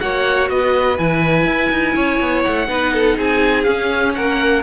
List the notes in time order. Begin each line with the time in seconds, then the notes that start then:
0.00 A#3 F#4 C#5 F#5
0.49 B3 B4 D#5
0.98 E3 E4 G#5
1.46 E4
1.70 D#4
1.95 C#4 C#5
2.20 B3
2.44 A3 F#5
2.67 B3 D#4 B4
2.94 A4
3.17 C4 G#4 G#5
3.63 C#4 F5
4.15 A#3 A#4 F#5